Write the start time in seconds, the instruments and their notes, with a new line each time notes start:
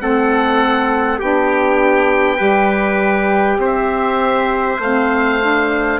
0.00 bassoon A3, saxophone C4, trumpet A4, oboe F#5
1.19 bassoon B3, saxophone D4, trumpet G4, oboe G5
2.37 bassoon G3, saxophone G4, trumpet B4
3.58 bassoon C4, trumpet C5
3.65 oboe E5
4.79 bassoon A3, saxophone C4, oboe F5
5.41 saxophone D4